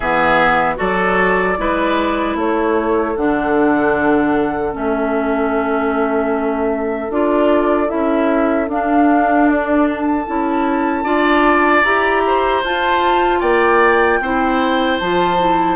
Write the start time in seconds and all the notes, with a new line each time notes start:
0.00 E3 B3 G#4 E5
0.75 F#3 F#4 A4 D5
1.57 G#3 E4 B4
2.35 A3 A4 C#5
3.16 D3 D4 F#5
4.71 A3 C#4 E5
7.09 D4 F4 D5
7.87 C#4 E4 E5
8.68 D4 F5
9.48 D5
9.88 A5
10.26 C#4 E4
11.04 D4 F4 D5
11.83 E4 G4 A#5
12.27 C5
12.63 F4 A5
13.39 A#3 D5 G5
14.20 C4 E4 C5
14.99 F3 F4 A5
15.39 E4